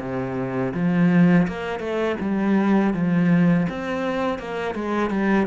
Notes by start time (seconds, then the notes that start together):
0.00 C3
0.74 F3
1.48 A#3
1.80 A3
2.21 G3
2.94 F3
3.69 C4
4.39 A#3
4.75 G#3
5.10 G3